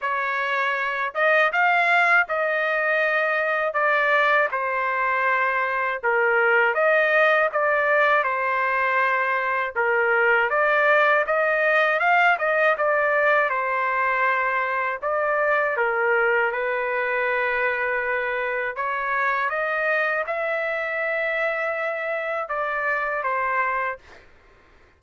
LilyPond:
\new Staff \with { instrumentName = "trumpet" } { \time 4/4 \tempo 4 = 80 cis''4. dis''8 f''4 dis''4~ | dis''4 d''4 c''2 | ais'4 dis''4 d''4 c''4~ | c''4 ais'4 d''4 dis''4 |
f''8 dis''8 d''4 c''2 | d''4 ais'4 b'2~ | b'4 cis''4 dis''4 e''4~ | e''2 d''4 c''4 | }